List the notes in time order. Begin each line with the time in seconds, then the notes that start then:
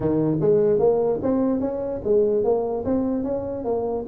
0.00 D#3
0.41 G#3
0.79 A#3
1.22 C4
1.60 C#4
2.04 G#3
2.43 A#3
2.84 C4
3.23 C#4
3.64 A#3